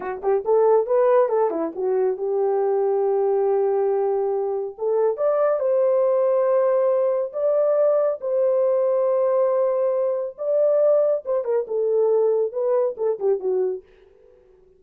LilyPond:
\new Staff \with { instrumentName = "horn" } { \time 4/4 \tempo 4 = 139 fis'8 g'8 a'4 b'4 a'8 e'8 | fis'4 g'2.~ | g'2. a'4 | d''4 c''2.~ |
c''4 d''2 c''4~ | c''1 | d''2 c''8 ais'8 a'4~ | a'4 b'4 a'8 g'8 fis'4 | }